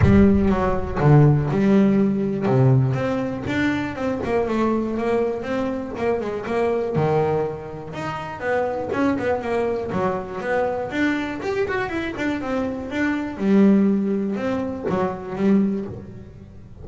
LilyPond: \new Staff \with { instrumentName = "double bass" } { \time 4/4 \tempo 4 = 121 g4 fis4 d4 g4~ | g4 c4 c'4 d'4 | c'8 ais8 a4 ais4 c'4 | ais8 gis8 ais4 dis2 |
dis'4 b4 cis'8 b8 ais4 | fis4 b4 d'4 g'8 fis'8 | e'8 d'8 c'4 d'4 g4~ | g4 c'4 fis4 g4 | }